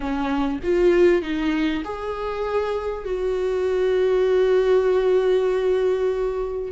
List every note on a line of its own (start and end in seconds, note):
0.00 0.59 C#4
0.63 1.22 F4
1.22 1.83 D#4
1.84 3.04 G#4
3.04 6.72 F#4